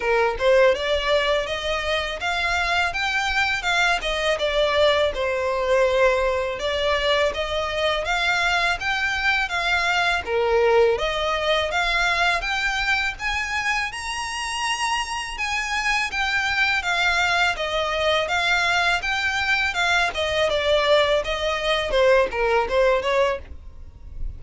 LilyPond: \new Staff \with { instrumentName = "violin" } { \time 4/4 \tempo 4 = 82 ais'8 c''8 d''4 dis''4 f''4 | g''4 f''8 dis''8 d''4 c''4~ | c''4 d''4 dis''4 f''4 | g''4 f''4 ais'4 dis''4 |
f''4 g''4 gis''4 ais''4~ | ais''4 gis''4 g''4 f''4 | dis''4 f''4 g''4 f''8 dis''8 | d''4 dis''4 c''8 ais'8 c''8 cis''8 | }